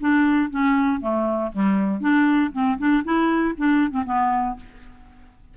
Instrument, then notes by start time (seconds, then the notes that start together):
clarinet
0.00 D4
0.50 C#4
1.01 A3
1.52 G3
2.00 D4
2.52 C4
2.78 D4
3.04 E4
3.57 D4
3.91 C4
4.05 B3